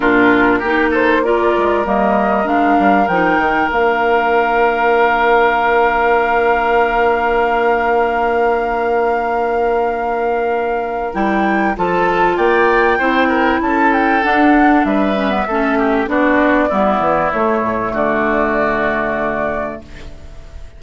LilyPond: <<
  \new Staff \with { instrumentName = "flute" } { \time 4/4 \tempo 4 = 97 ais'4. c''8 d''4 dis''4 | f''4 g''4 f''2~ | f''1~ | f''1~ |
f''2 g''4 a''4 | g''2 a''8 g''8 fis''4 | e''2 d''2 | cis''4 d''2. | }
  \new Staff \with { instrumentName = "oboe" } { \time 4/4 f'4 g'8 a'8 ais'2~ | ais'1~ | ais'1~ | ais'1~ |
ais'2. a'4 | d''4 c''8 ais'8 a'2 | b'4 a'8 g'8 fis'4 e'4~ | e'4 fis'2. | }
  \new Staff \with { instrumentName = "clarinet" } { \time 4/4 d'4 dis'4 f'4 ais4 | d'4 dis'4 d'2~ | d'1~ | d'1~ |
d'2 e'4 f'4~ | f'4 e'2 d'4~ | d'8 cis'16 b16 cis'4 d'4 b4 | a1 | }
  \new Staff \with { instrumentName = "bassoon" } { \time 4/4 ais,4 ais4. gis8 g4 | gis8 g8 f8 dis8 ais2~ | ais1~ | ais1~ |
ais2 g4 f4 | ais4 c'4 cis'4 d'4 | g4 a4 b4 g8 e8 | a8 a,8 d2. | }
>>